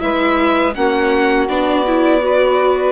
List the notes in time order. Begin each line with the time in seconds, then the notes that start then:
0.00 G#3 E4 B4 E5
0.74 A#3 C#4 F#4 F#5
1.48 B3 D4 D5
1.87 E4
2.21 F#4 B4